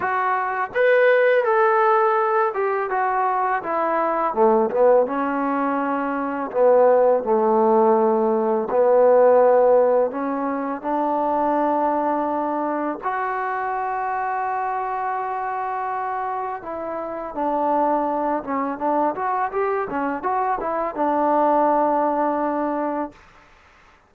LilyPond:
\new Staff \with { instrumentName = "trombone" } { \time 4/4 \tempo 4 = 83 fis'4 b'4 a'4. g'8 | fis'4 e'4 a8 b8 cis'4~ | cis'4 b4 a2 | b2 cis'4 d'4~ |
d'2 fis'2~ | fis'2. e'4 | d'4. cis'8 d'8 fis'8 g'8 cis'8 | fis'8 e'8 d'2. | }